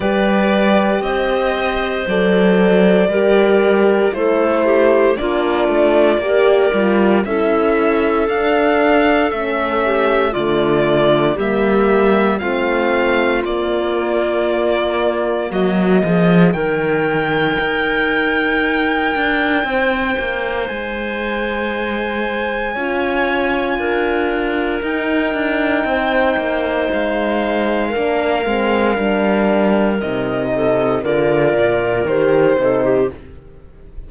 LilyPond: <<
  \new Staff \with { instrumentName = "violin" } { \time 4/4 \tempo 4 = 58 d''4 dis''4 d''2 | c''4 d''2 e''4 | f''4 e''4 d''4 e''4 | f''4 d''2 dis''4 |
g''1 | gis''1 | g''2 f''2~ | f''4 dis''4 d''4 c''4 | }
  \new Staff \with { instrumentName = "clarinet" } { \time 4/4 b'4 c''2 ais'4 | a'8 g'8 f'4 ais'4 a'4~ | a'4. g'8 f'4 g'4 | f'2. fis'8 gis'8 |
ais'2. c''4~ | c''2 cis''4 ais'4~ | ais'4 c''2 ais'4~ | ais'4. a'8 ais'4. a'16 g'16 | }
  \new Staff \with { instrumentName = "horn" } { \time 4/4 g'2 a'4 g'4 | e'4 d'4 g'8 f'8 e'4 | d'4 cis'4 a4 ais4 | c'4 ais2. |
dis'1~ | dis'2 f'2 | dis'2. d'8 c'8 | d'4 dis'4 f'4 g'8 dis'8 | }
  \new Staff \with { instrumentName = "cello" } { \time 4/4 g4 c'4 fis4 g4 | a4 ais8 a8 ais8 g8 cis'4 | d'4 a4 d4 g4 | a4 ais2 fis8 f8 |
dis4 dis'4. d'8 c'8 ais8 | gis2 cis'4 d'4 | dis'8 d'8 c'8 ais8 gis4 ais8 gis8 | g4 c4 d8 ais,8 dis8 c8 | }
>>